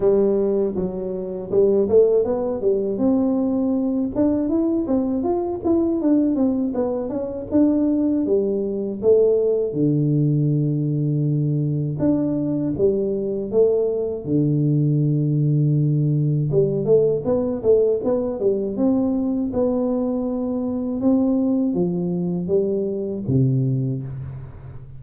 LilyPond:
\new Staff \with { instrumentName = "tuba" } { \time 4/4 \tempo 4 = 80 g4 fis4 g8 a8 b8 g8 | c'4. d'8 e'8 c'8 f'8 e'8 | d'8 c'8 b8 cis'8 d'4 g4 | a4 d2. |
d'4 g4 a4 d4~ | d2 g8 a8 b8 a8 | b8 g8 c'4 b2 | c'4 f4 g4 c4 | }